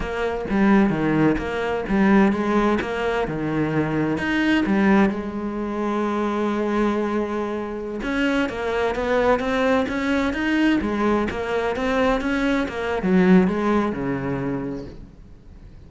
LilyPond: \new Staff \with { instrumentName = "cello" } { \time 4/4 \tempo 4 = 129 ais4 g4 dis4 ais4 | g4 gis4 ais4 dis4~ | dis4 dis'4 g4 gis4~ | gis1~ |
gis4~ gis16 cis'4 ais4 b8.~ | b16 c'4 cis'4 dis'4 gis8.~ | gis16 ais4 c'4 cis'4 ais8. | fis4 gis4 cis2 | }